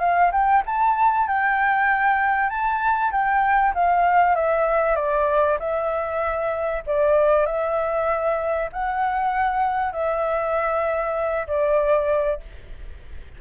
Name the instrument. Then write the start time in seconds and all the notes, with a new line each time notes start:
flute
0.00 F5
0.32 G5
0.66 A5
1.27 G5
2.49 A5
3.11 G5
3.75 F5
4.35 E5
4.95 D5
5.59 E5
6.86 D5
7.46 E5
8.72 F#5
9.92 E5
11.47 D5